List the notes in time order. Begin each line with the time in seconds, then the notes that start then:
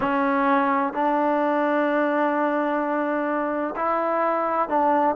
0.00 C#4
0.93 D4
3.76 E4
4.68 D4